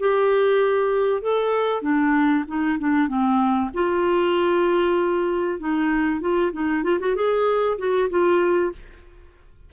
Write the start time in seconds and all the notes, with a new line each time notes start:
0.00 G4
1.22 A4
1.82 D4
2.48 D#4
2.79 D4
3.08 C4
3.74 F4
5.60 D#4
6.21 F4
6.53 D#4
6.84 F4
7.00 F#4
7.16 G#4
7.79 F#4
8.10 F4